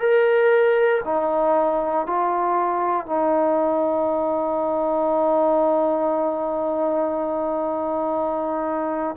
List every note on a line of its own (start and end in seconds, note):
0.00 1.02 A#4
1.05 2.07 D#4
2.07 3.06 F4
3.06 9.17 D#4